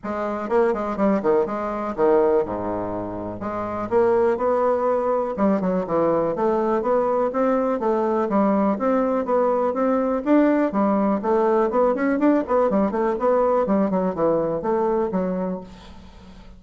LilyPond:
\new Staff \with { instrumentName = "bassoon" } { \time 4/4 \tempo 4 = 123 gis4 ais8 gis8 g8 dis8 gis4 | dis4 gis,2 gis4 | ais4 b2 g8 fis8 | e4 a4 b4 c'4 |
a4 g4 c'4 b4 | c'4 d'4 g4 a4 | b8 cis'8 d'8 b8 g8 a8 b4 | g8 fis8 e4 a4 fis4 | }